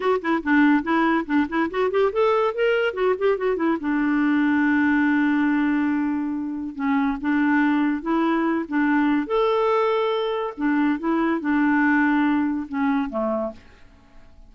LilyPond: \new Staff \with { instrumentName = "clarinet" } { \time 4/4 \tempo 4 = 142 fis'8 e'8 d'4 e'4 d'8 e'8 | fis'8 g'8 a'4 ais'4 fis'8 g'8 | fis'8 e'8 d'2.~ | d'1 |
cis'4 d'2 e'4~ | e'8 d'4. a'2~ | a'4 d'4 e'4 d'4~ | d'2 cis'4 a4 | }